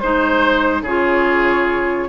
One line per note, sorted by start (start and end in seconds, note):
0.00 0.82 G#3
0.00 0.87 D#4
0.00 0.83 C5
0.82 2.07 C#3
0.82 2.09 F4
0.82 2.08 G#4
0.82 2.09 C#5